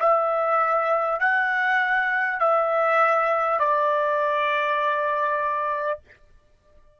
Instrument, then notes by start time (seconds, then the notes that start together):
trumpet
0.00 E5
1.20 F#5
2.40 E5
3.59 D5